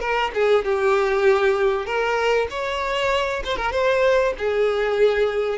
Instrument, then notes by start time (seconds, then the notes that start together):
violin
0.00 A#4
0.35 G#4
0.65 G4
1.86 A#4
2.50 C#5
3.45 C5
3.57 A#4
3.72 C5
4.38 G#4